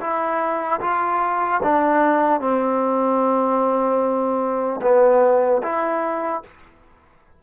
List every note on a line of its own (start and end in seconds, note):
0.00 0.80 E4
0.80 1.60 F4
1.63 2.41 D4
2.41 4.81 C4
4.82 5.62 B3
5.63 6.43 E4